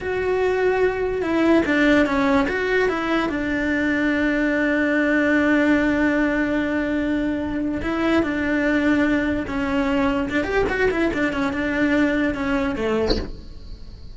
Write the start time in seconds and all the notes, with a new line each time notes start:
0.00 F#4
1.21 E4
1.65 D4
2.06 C#4
2.48 F#4
2.89 E4
3.29 D4
7.82 E4
8.22 D4
9.47 C#4
10.29 D4
10.44 G4
10.69 F#4
10.90 E4
11.13 D4
11.32 C#4
11.52 D4
12.34 C#4
12.75 A3